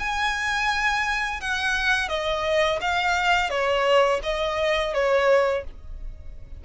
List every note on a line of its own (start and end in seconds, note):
0.00 1.41 G#5
1.41 2.09 F#5
2.09 2.80 D#5
2.81 3.50 F5
3.50 4.21 C#5
4.24 4.94 D#5
4.94 5.65 C#5